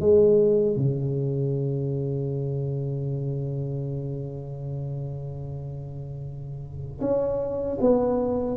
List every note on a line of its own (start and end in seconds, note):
0.00 0.77 G#3
0.77 7.00 C#3
7.00 7.78 C#4
7.80 8.56 B3